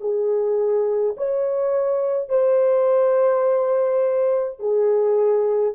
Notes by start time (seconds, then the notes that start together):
0.00 G#4
1.17 C#5
2.29 C5
4.59 G#4